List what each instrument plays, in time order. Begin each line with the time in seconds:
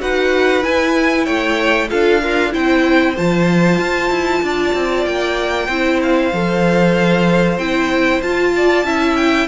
0.00 cello D#4, viola F#4, violin B4 F#5
0.63 viola E4, cello E4, violin G#5
1.25 cello A3, violin C#5 G5
1.90 cello D4, viola F4, violin A4 F5
2.23 violin F4, viola A#4
2.51 cello C4, viola E4, violin C5 G5
3.17 cello F3, viola F4, violin A5
3.79 cello F4
4.11 cello E4
4.43 cello D4, violin D5
4.74 cello C4
5.06 cello A#3, violin G5
5.68 cello C4, viola E4, violin C5
6.03 violin F5
6.33 cello F3, viola A4
7.58 cello C4, viola E4, violin G5
8.23 cello F4, viola F4, violin A5
8.56 violin D5
8.84 cello C#4, viola E4, violin E5
9.17 violin G5